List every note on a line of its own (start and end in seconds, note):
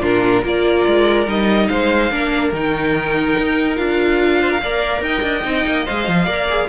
0.00 0.44 A#2
0.00 0.43 D4
0.00 0.42 F4
0.00 0.44 A#4
0.42 0.85 A#3
0.42 1.26 F4
0.42 1.67 A#4
0.42 1.29 D5
0.86 1.27 G#3
1.27 1.68 G3
1.27 2.10 D#4
1.27 1.68 D#5
1.68 2.11 G#3
1.68 2.12 C5
1.68 2.51 F5
2.11 2.52 A#3
2.11 2.53 D4
2.11 4.40 A#4
2.52 3.36 D#3
2.52 3.76 D#4
2.52 3.76 G5
3.37 3.79 D#4
3.76 4.62 D4
3.76 4.60 F4
3.76 5.01 F5
4.40 4.50 C5
4.50 4.60 A#4
4.62 5.01 A#3
4.62 5.43 A#4
4.62 5.04 D5
5.01 5.22 D#4
5.01 6.25 D#5
5.01 5.86 G5
5.22 5.43 D4
5.43 5.65 C4
5.43 5.84 D#4
5.66 5.87 A#3
5.85 6.08 G#3
5.85 6.27 C5
5.85 6.68 F5
6.08 6.27 F3
6.25 6.68 A#3
6.25 6.48 A#4
6.25 6.67 D5
6.49 6.68 G#4